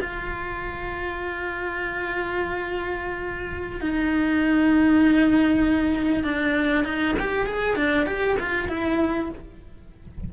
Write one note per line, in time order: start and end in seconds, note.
0.00 3.80 F4
3.80 6.24 D#4
6.24 6.84 D4
6.84 7.15 D#4
7.19 7.46 G4
7.46 7.75 G#4
7.75 8.06 D4
8.06 8.37 G4
8.40 8.68 F4
8.68 9.29 E4